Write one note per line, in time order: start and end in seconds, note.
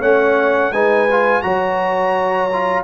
0.00 0.72 A3
0.00 0.72 C#4
0.00 0.71 C#5
0.00 0.72 F#5
0.72 1.42 G#3
0.72 1.09 D#4
0.72 1.43 B4
0.72 1.42 G#5
1.11 1.43 F4
1.42 2.84 F#3
1.42 2.49 F#4
1.42 2.84 C#5
1.42 2.83 A#5
2.53 2.84 F4